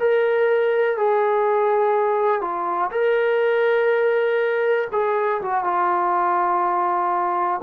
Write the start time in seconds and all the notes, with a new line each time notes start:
0.00 A#4
0.97 G#4
2.41 F4
2.92 A#4
4.93 G#4
5.42 F#4
5.65 F4